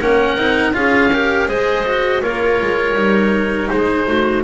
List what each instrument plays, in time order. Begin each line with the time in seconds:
0.00 double bass A#3, cello C#4, clarinet A#4, oboe F#5
0.38 double bass C4, cello D#4
0.74 double bass C#4, cello F4, clarinet G#4, oboe F5
1.12 cello G4, clarinet A#4
1.48 double bass G#3, cello G#4, clarinet C5, oboe D#5
1.87 cello F#4
2.22 double bass A#3, cello F4, clarinet A#4, oboe C#5
2.62 double bass G#3
2.95 double bass G3, cello D#4
3.70 double bass G#3, clarinet G#4, oboe C5
4.07 double bass A3, clarinet F#4